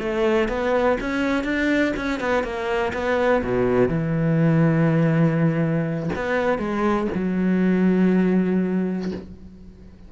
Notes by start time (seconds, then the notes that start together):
0.00 A3
0.49 B3
1.01 C#4
1.44 D4
1.97 C#4
2.21 B3
2.44 A#3
2.94 B3
3.44 B2
3.89 E3
6.16 B3
6.59 G#3
7.15 F#3